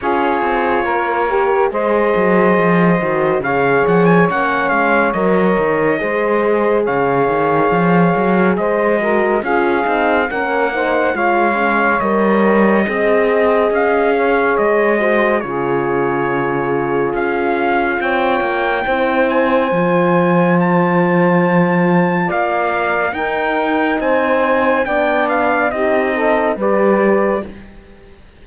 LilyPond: <<
  \new Staff \with { instrumentName = "trumpet" } { \time 4/4 \tempo 4 = 70 cis''2 dis''2 | f''8 fis''16 gis''16 fis''8 f''8 dis''2 | f''2 dis''4 f''4 | fis''4 f''4 dis''2 |
f''4 dis''4 cis''2 | f''4 g''4. gis''4. | a''2 f''4 g''4 | gis''4 g''8 f''8 dis''4 d''4 | }
  \new Staff \with { instrumentName = "saxophone" } { \time 4/4 gis'4 ais'4 c''2 | cis''2. c''4 | cis''2 c''8 ais'8 gis'4 | ais'8 c''8 cis''2 dis''4~ |
dis''8 cis''4 c''8 gis'2~ | gis'4 cis''4 c''2~ | c''2 d''4 ais'4 | c''4 d''4 g'8 a'8 b'4 | }
  \new Staff \with { instrumentName = "horn" } { \time 4/4 f'4. g'8 gis'4. fis'8 | gis'4 cis'4 ais'4 gis'4~ | gis'2~ gis'8 fis'8 f'8 dis'8 | cis'8 dis'8 f'8 cis'8 ais'4 gis'4~ |
gis'4. fis'8 f'2~ | f'2 e'4 f'4~ | f'2. dis'4~ | dis'4 d'4 dis'4 g'4 | }
  \new Staff \with { instrumentName = "cello" } { \time 4/4 cis'8 c'8 ais4 gis8 fis8 f8 dis8 | cis8 f8 ais8 gis8 fis8 dis8 gis4 | cis8 dis8 f8 fis8 gis4 cis'8 c'8 | ais4 gis4 g4 c'4 |
cis'4 gis4 cis2 | cis'4 c'8 ais8 c'4 f4~ | f2 ais4 dis'4 | c'4 b4 c'4 g4 | }
>>